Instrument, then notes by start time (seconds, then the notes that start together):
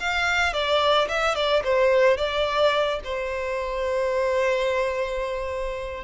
violin
0.00 F5
0.53 D5
1.08 E5
1.35 D5
1.64 C5
2.17 D5
3.04 C5